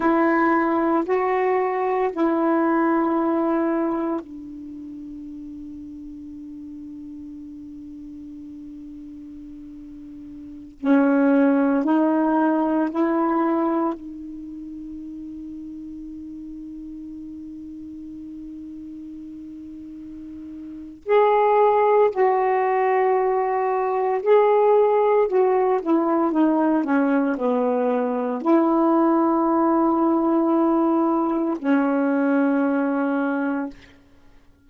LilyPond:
\new Staff \with { instrumentName = "saxophone" } { \time 4/4 \tempo 4 = 57 e'4 fis'4 e'2 | d'1~ | d'2~ d'16 cis'4 dis'8.~ | dis'16 e'4 dis'2~ dis'8.~ |
dis'1 | gis'4 fis'2 gis'4 | fis'8 e'8 dis'8 cis'8 b4 e'4~ | e'2 cis'2 | }